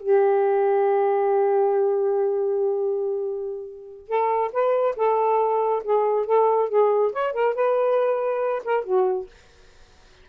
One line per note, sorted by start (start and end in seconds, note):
0.00 4.08 G4
4.08 4.51 A4
4.53 4.96 B4
4.96 5.83 A4
5.84 6.26 G#4
6.26 6.69 A4
6.69 7.12 G#4
7.13 7.33 C#5
7.33 7.55 A#4
7.55 8.63 B4
8.65 8.84 A#4
8.84 9.27 F#4